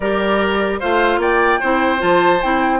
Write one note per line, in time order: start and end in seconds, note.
0.00 0.80 G3
0.00 0.81 G4
0.00 0.79 A#4
0.00 0.80 D5
0.79 1.17 A3
0.79 1.62 F4
0.79 1.19 C5
0.79 1.20 F5
1.17 1.58 A#3
1.17 1.60 D5
1.17 2.01 G5
1.60 2.02 C4
1.60 1.98 E4
1.60 2.79 C5
1.98 2.42 F3
1.98 2.38 F4
1.98 2.41 A5
2.41 2.79 C4
2.41 2.79 E4
2.41 2.79 G5